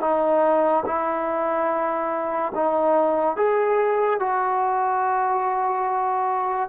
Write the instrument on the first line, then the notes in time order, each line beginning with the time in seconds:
trombone
0.00 D#4
0.86 E4
2.55 D#4
3.36 G#4
4.19 F#4